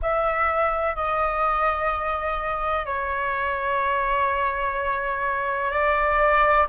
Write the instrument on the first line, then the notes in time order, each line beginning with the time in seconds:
flute
0.02 E5
0.95 D#5
2.85 C#5
5.71 D5